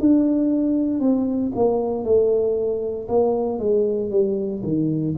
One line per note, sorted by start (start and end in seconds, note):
0.00 1.00 D4
1.00 1.52 C4
1.55 2.04 A#3
2.04 3.08 A3
3.08 3.59 A#3
3.59 4.11 G#3
4.11 4.62 G3
4.63 5.15 D#3